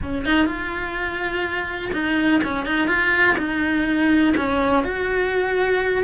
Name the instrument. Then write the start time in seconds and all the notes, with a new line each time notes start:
cello
0.02 C#4
0.25 D#4
0.46 F4
1.92 D#4
2.43 C#4
2.65 D#4
2.87 F4
3.37 D#4
4.36 C#4
4.83 F#4